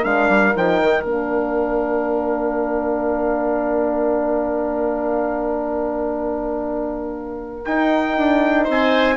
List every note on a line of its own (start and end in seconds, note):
0.00 0.29 G#3
0.00 0.52 D4
0.00 8.64 A#4
0.00 0.55 F5
0.29 0.54 G3
0.52 0.81 F3
0.52 1.03 D#4
0.52 1.04 G5
0.81 1.04 D#3
1.04 7.65 A#3
1.04 7.65 D4
1.04 7.65 F5
7.65 9.17 D#4
7.65 8.17 D#4
7.65 8.67 G5
8.17 8.68 D4
8.64 9.17 C4
8.64 9.15 C5
8.71 9.17 G#5